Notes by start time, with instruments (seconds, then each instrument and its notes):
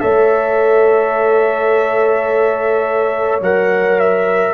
0.00 tuba A3, trombone A4, horn C#5, trumpet E5
3.41 tuba F#3, trombone A#4, trumpet F#5
3.99 trumpet E5